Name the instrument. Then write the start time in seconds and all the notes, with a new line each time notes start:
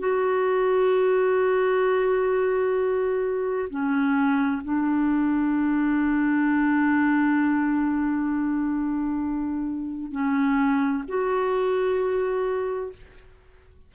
clarinet
0.00 F#4
3.70 C#4
4.64 D4
10.12 C#4
11.08 F#4